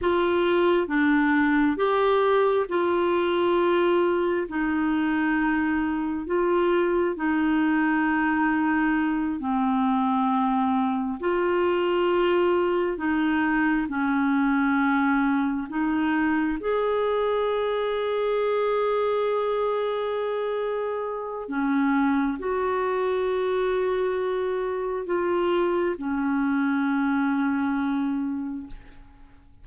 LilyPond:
\new Staff \with { instrumentName = "clarinet" } { \time 4/4 \tempo 4 = 67 f'4 d'4 g'4 f'4~ | f'4 dis'2 f'4 | dis'2~ dis'8 c'4.~ | c'8 f'2 dis'4 cis'8~ |
cis'4. dis'4 gis'4.~ | gis'1 | cis'4 fis'2. | f'4 cis'2. | }